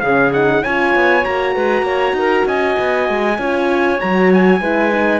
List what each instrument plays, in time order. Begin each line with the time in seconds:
0.00 cello C#3, horn C#4, clarinet G#4, trumpet F5
0.33 horn D#4, trumpet F#5
0.63 cello C#4, horn F4, clarinet C#5, trumpet G#5
0.95 cello B3
1.22 cello A#3, horn F#4, trumpet A#5
1.55 cello G#3, clarinet B4
1.82 cello A#3, clarinet C#5
2.12 cello D#4, clarinet A#4
2.45 cello C#4, clarinet D#5, trumpet G#5
2.79 cello B3
3.09 cello G#3
3.38 cello C#4, horn F4, clarinet C#5
4.00 cello F#3, horn F#4, trumpet A#5
4.33 trumpet G#5
4.60 cello G#3, horn E4, clarinet B4
4.91 horn D#4